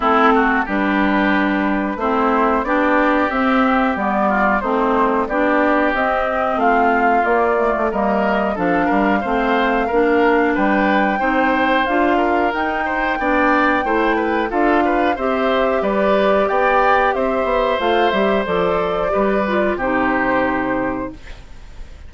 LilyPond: <<
  \new Staff \with { instrumentName = "flute" } { \time 4/4 \tempo 4 = 91 a'4 b'2 c''4 | d''4 e''4 d''4 c''4 | d''4 dis''4 f''4 d''4 | dis''4 f''2. |
g''2 f''4 g''4~ | g''2 f''4 e''4 | d''4 g''4 e''4 f''8 e''8 | d''2 c''2 | }
  \new Staff \with { instrumentName = "oboe" } { \time 4/4 e'8 fis'8 g'2 e'4 | g'2~ g'8 f'8 dis'4 | g'2 f'2 | ais'4 a'8 ais'8 c''4 ais'4 |
b'4 c''4. ais'4 c''8 | d''4 c''8 b'8 a'8 b'8 c''4 | b'4 d''4 c''2~ | c''4 b'4 g'2 | }
  \new Staff \with { instrumentName = "clarinet" } { \time 4/4 c'4 d'2 c'4 | d'4 c'4 b4 c'4 | d'4 c'2 ais8 a8 | ais4 d'4 c'4 d'4~ |
d'4 dis'4 f'4 dis'4 | d'4 e'4 f'4 g'4~ | g'2. f'8 g'8 | a'4 g'8 f'8 dis'2 | }
  \new Staff \with { instrumentName = "bassoon" } { \time 4/4 a4 g2 a4 | b4 c'4 g4 a4 | b4 c'4 a4 ais8. a16 | g4 f8 g8 a4 ais4 |
g4 c'4 d'4 dis'4 | b4 a4 d'4 c'4 | g4 b4 c'8 b8 a8 g8 | f4 g4 c2 | }
>>